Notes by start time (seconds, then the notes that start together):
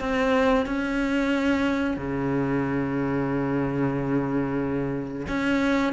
0.00 C4
0.66 C#4
1.97 C#3
5.28 C#4